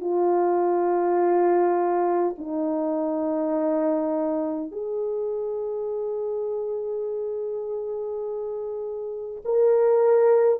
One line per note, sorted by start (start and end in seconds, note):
0.00 2.35 F4
2.38 4.72 D#4
4.72 9.42 G#4
9.45 10.60 A#4